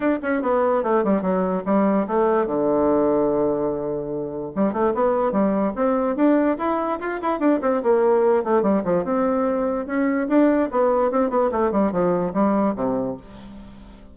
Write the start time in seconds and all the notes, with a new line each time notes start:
0.00 D4
0.22 C#4
0.42 B3
0.83 A3
1.04 G3
1.22 F#3
1.65 G3
2.07 A3
2.46 D3
4.55 G3
4.72 A3
4.94 B3
5.31 G3
5.75 C4
6.16 D4
6.58 E4
7.00 F4
7.21 E4
7.39 D4
7.61 C4
7.83 A#3
8.43 A3
8.62 G3
8.84 F3
9.04 C4
9.86 C#4
10.28 D4
10.71 B3
11.11 C4
11.29 B3
11.51 A3
11.71 G3
11.92 F3
12.33 G3
12.75 C3